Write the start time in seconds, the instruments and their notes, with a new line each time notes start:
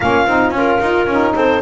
0.00 double bass A#3, saxophone C#4, horn F4, clarinet F5
0.26 double bass C4, saxophone D#4
0.50 double bass C#4, saxophone F4
0.56 clarinet A#4
0.80 double bass D#4
1.06 double bass C#4, saxophone D#4
1.35 double bass C4, horn A4, clarinet C5